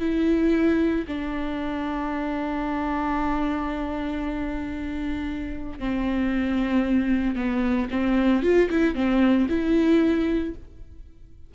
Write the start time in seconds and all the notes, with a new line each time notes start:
0.00 E4
1.08 D4
5.79 C4
7.36 B3
7.91 C4
8.43 F4
8.70 E4
8.95 C4
9.49 E4